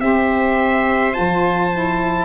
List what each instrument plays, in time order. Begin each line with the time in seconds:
0.00 tuba C4, saxophone G4, viola C5, trumpet E5
1.12 saxophone F4, trumpet A5
1.18 tuba F3
1.72 saxophone E4